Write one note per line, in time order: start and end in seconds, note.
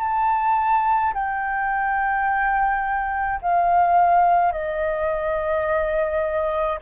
0.00 1.13 A5
1.14 3.41 G5
3.42 4.52 F5
4.52 6.79 D#5